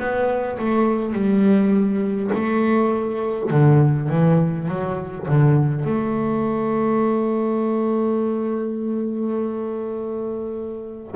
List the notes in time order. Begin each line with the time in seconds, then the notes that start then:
0.00 B3
0.59 A3
1.13 G3
2.34 A3
3.50 D3
4.10 E3
4.68 F#3
5.28 D3
5.85 A3